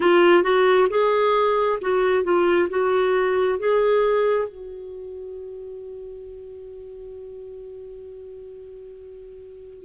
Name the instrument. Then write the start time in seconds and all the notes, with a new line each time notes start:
clarinet
0.00 F4
0.43 F#4
0.89 G#4
1.81 F#4
2.23 F4
2.69 F#4
3.58 G#4
4.48 F#4